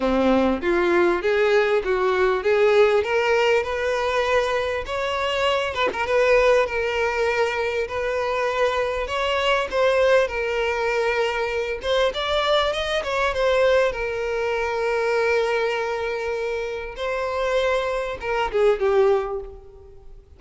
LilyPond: \new Staff \with { instrumentName = "violin" } { \time 4/4 \tempo 4 = 99 c'4 f'4 gis'4 fis'4 | gis'4 ais'4 b'2 | cis''4. b'16 ais'16 b'4 ais'4~ | ais'4 b'2 cis''4 |
c''4 ais'2~ ais'8 c''8 | d''4 dis''8 cis''8 c''4 ais'4~ | ais'1 | c''2 ais'8 gis'8 g'4 | }